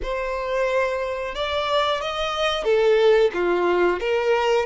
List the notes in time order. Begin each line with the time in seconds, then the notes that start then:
0.02 C5
1.35 D5
2.01 D#5
2.64 A4
3.33 F4
4.00 A#4